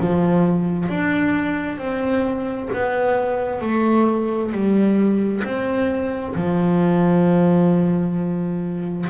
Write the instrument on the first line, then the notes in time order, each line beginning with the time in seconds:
double bass
0.00 F3
0.89 D4
1.78 C4
2.73 B3
3.62 A3
4.52 G3
5.44 C4
6.35 F3